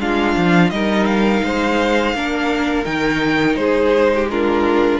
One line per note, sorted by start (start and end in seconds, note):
0.00 0.36 G#3
0.00 0.71 D4
0.00 0.72 F4
0.00 0.70 F5
0.37 0.70 F3
0.70 1.42 G3
0.70 2.14 D#4
0.70 1.44 A#4
0.70 1.05 D#5
1.05 2.84 F5
1.42 2.14 G#3
1.42 2.15 C5
2.14 2.85 A#3
2.14 2.85 D4
2.14 3.59 A#4
2.85 3.56 D#3
2.85 4.28 D#4
2.85 3.55 G5
3.55 4.99 G#3
3.55 4.12 G#4
3.55 4.26 C5
4.15 4.31 G4
4.30 5.00 D4
4.30 5.00 F4
4.30 5.00 A#4